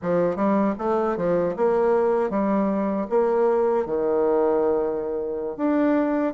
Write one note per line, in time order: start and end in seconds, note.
0.01 0.36 F3
0.36 0.74 G3
0.78 1.16 A3
1.16 1.55 F3
1.56 2.30 A#3
2.30 3.07 G3
3.09 3.85 A#3
3.85 5.56 D#3
5.56 6.33 D4